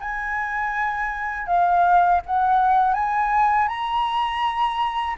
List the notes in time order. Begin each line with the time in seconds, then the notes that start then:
0.00 G#5
1.47 F5
2.26 F#5
2.94 G#5
3.68 A#5